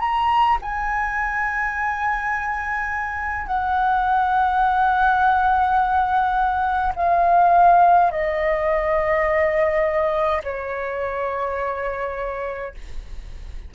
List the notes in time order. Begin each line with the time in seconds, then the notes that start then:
0.00 A#5
0.62 G#5
3.47 F#5
6.96 F5
8.11 D#5
10.44 C#5